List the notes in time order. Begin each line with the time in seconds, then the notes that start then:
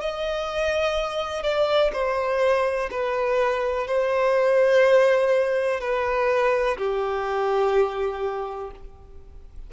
0.00 D#5
1.43 D5
1.93 C5
2.90 B4
3.87 C5
5.80 B4
6.77 G4